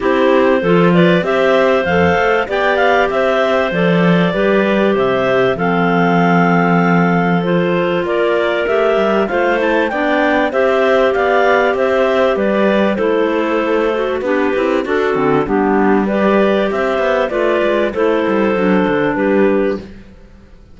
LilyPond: <<
  \new Staff \with { instrumentName = "clarinet" } { \time 4/4 \tempo 4 = 97 c''4. d''8 e''4 f''4 | g''8 f''8 e''4 d''2 | e''4 f''2. | c''4 d''4 e''4 f''8 a''8 |
g''4 e''4 f''4 e''4 | d''4 c''2 b'4 | a'4 g'4 d''4 e''4 | d''4 c''2 b'4 | }
  \new Staff \with { instrumentName = "clarinet" } { \time 4/4 g'4 a'8 b'8 c''2 | d''4 c''2 b'4 | c''4 a'2.~ | a'4 ais'2 c''4 |
d''4 c''4 d''4 c''4 | b'4 a'2 d'8 e'8 | fis'4 d'4 b'4 c''4 | b'4 a'2 g'4 | }
  \new Staff \with { instrumentName = "clarinet" } { \time 4/4 e'4 f'4 g'4 a'4 | g'2 a'4 g'4~ | g'4 c'2. | f'2 g'4 f'8 e'8 |
d'4 g'2.~ | g'4 e'4. fis'8 g'4 | d'8 c'8 b4 g'2 | f'4 e'4 d'2 | }
  \new Staff \with { instrumentName = "cello" } { \time 4/4 c'4 f4 c'4 f,8 a8 | b4 c'4 f4 g4 | c4 f2.~ | f4 ais4 a8 g8 a4 |
b4 c'4 b4 c'4 | g4 a2 b8 c'8 | d'8 d8 g2 c'8 b8 | a8 gis8 a8 g8 fis8 d8 g4 | }
>>